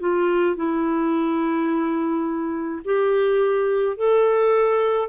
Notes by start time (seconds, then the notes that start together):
0.00 F4
0.56 E4
2.85 G4
3.97 A4